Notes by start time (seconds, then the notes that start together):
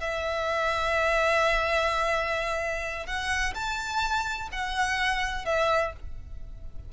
0.00 E5
3.06 F#5
3.54 A5
4.52 F#5
5.45 E5